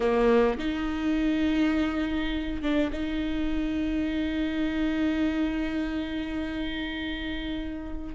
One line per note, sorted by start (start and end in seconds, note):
0.00 0.57 A#3
0.58 2.61 D#4
2.61 2.90 D4
2.92 8.14 D#4